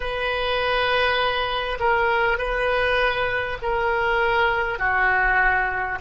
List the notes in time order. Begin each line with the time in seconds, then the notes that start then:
0.00 B4
1.79 A#4
2.38 B4
3.62 A#4
4.78 F#4